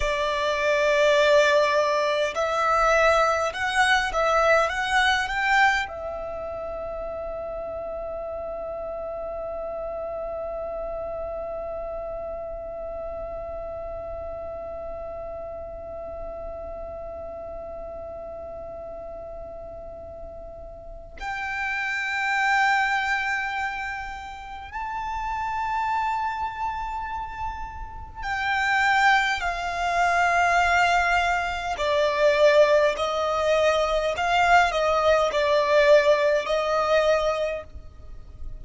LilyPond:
\new Staff \with { instrumentName = "violin" } { \time 4/4 \tempo 4 = 51 d''2 e''4 fis''8 e''8 | fis''8 g''8 e''2.~ | e''1~ | e''1~ |
e''2 g''2~ | g''4 a''2. | g''4 f''2 d''4 | dis''4 f''8 dis''8 d''4 dis''4 | }